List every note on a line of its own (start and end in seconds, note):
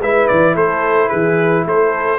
0.00 0.28 G#3
0.00 2.19 E4
0.00 0.55 B4
0.00 0.28 E5
0.28 0.56 E3
0.28 0.55 D5
0.55 1.11 A3
0.55 1.09 A4
0.55 1.09 C5
1.09 1.65 E3
1.09 1.64 G#4
1.09 1.64 B4
1.65 2.19 A3
1.65 2.19 A4
1.65 2.19 C5